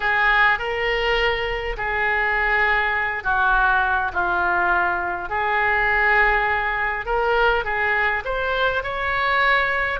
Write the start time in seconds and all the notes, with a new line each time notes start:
0.00 G#4
0.59 A#4
1.77 G#4
3.23 F#4
4.13 F4
5.29 G#4
7.05 A#4
7.64 G#4
8.24 C5
8.83 C#5